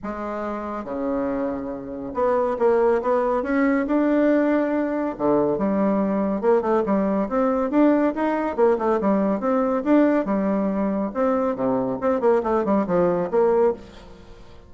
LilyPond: \new Staff \with { instrumentName = "bassoon" } { \time 4/4 \tempo 4 = 140 gis2 cis2~ | cis4 b4 ais4 b4 | cis'4 d'2. | d4 g2 ais8 a8 |
g4 c'4 d'4 dis'4 | ais8 a8 g4 c'4 d'4 | g2 c'4 c4 | c'8 ais8 a8 g8 f4 ais4 | }